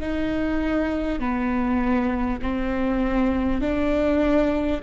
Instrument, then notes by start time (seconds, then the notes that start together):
viola
0.00 D#4
1.19 B3
2.42 C4
3.61 D4